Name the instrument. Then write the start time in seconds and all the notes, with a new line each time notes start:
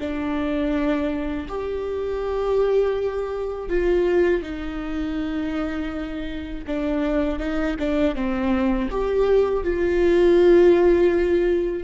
viola
0.00 D4
1.49 G4
3.70 F4
4.43 D#4
6.67 D4
7.40 D#4
7.80 D4
8.16 C4
8.91 G4
9.64 F4